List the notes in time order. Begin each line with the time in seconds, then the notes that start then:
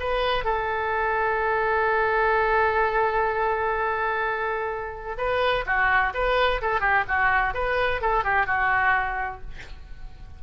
0.00 B4
0.45 A4
5.18 B4
5.66 F#4
6.14 B4
6.62 A4
6.81 G4
7.08 F#4
7.54 B4
8.02 A4
8.24 G4
8.47 F#4